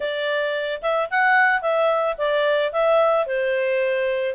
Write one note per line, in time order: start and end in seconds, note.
0.00 0.81 D5
0.82 1.09 E5
1.10 1.61 F#5
1.61 2.16 E5
2.17 2.72 D5
2.72 3.26 E5
3.26 4.35 C5